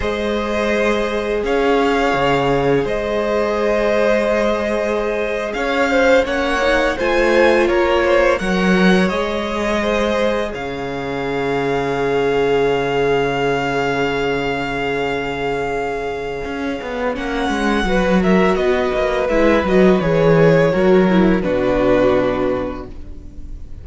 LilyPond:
<<
  \new Staff \with { instrumentName = "violin" } { \time 4/4 \tempo 4 = 84 dis''2 f''2 | dis''2.~ dis''8. f''16~ | f''8. fis''4 gis''4 cis''4 fis''16~ | fis''8. dis''2 f''4~ f''16~ |
f''1~ | f''1 | fis''4. e''8 dis''4 e''8 dis''8 | cis''2 b'2 | }
  \new Staff \with { instrumentName = "violin" } { \time 4/4 c''2 cis''2 | c''2.~ c''8. cis''16~ | cis''16 c''8 cis''4 c''4 ais'8 c''8 cis''16~ | cis''4.~ cis''16 c''4 cis''4~ cis''16~ |
cis''1~ | cis''1~ | cis''4 b'8 ais'8 b'2~ | b'4 ais'4 fis'2 | }
  \new Staff \with { instrumentName = "viola" } { \time 4/4 gis'1~ | gis'1~ | gis'8. cis'8 dis'8 f'2 ais'16~ | ais'8. gis'2.~ gis'16~ |
gis'1~ | gis'1 | cis'4 fis'2 e'8 fis'8 | gis'4 fis'8 e'8 d'2 | }
  \new Staff \with { instrumentName = "cello" } { \time 4/4 gis2 cis'4 cis4 | gis2.~ gis8. cis'16~ | cis'8. ais4 a4 ais4 fis16~ | fis8. gis2 cis4~ cis16~ |
cis1~ | cis2. cis'8 b8 | ais8 gis8 fis4 b8 ais8 gis8 fis8 | e4 fis4 b,2 | }
>>